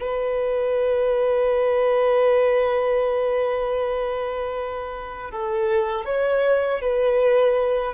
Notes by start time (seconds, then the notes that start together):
0.00 B4
5.31 A4
6.05 C#5
6.81 B4